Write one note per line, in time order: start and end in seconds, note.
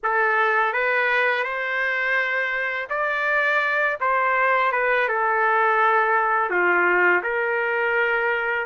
0.03 0.73 A4
0.73 1.43 B4
1.43 2.88 C5
2.89 3.98 D5
4.00 4.72 C5
4.72 5.08 B4
5.08 6.50 A4
6.50 7.22 F4
7.23 8.66 A#4